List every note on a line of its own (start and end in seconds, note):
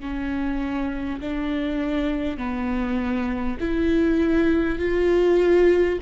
0.00 1.20 C#4
1.21 2.38 D4
2.38 3.58 B3
3.60 4.79 E4
4.79 5.99 F4